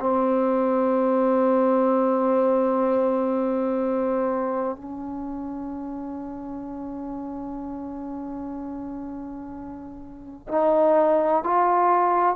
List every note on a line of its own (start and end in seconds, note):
0.00 4.76 C4
4.76 10.47 C#4
10.48 11.44 D#4
11.44 12.35 F4